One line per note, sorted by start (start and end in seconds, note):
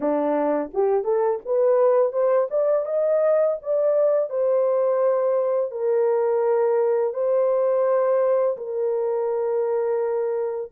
0.00 0.71 D4
0.73 1.04 G4
1.04 1.39 A4
1.45 2.12 B4
2.12 2.48 C5
2.50 2.85 D5
2.85 3.57 D#5
3.62 4.29 D5
4.29 5.71 C5
5.71 7.13 A#4
7.13 8.56 C5
8.57 10.71 A#4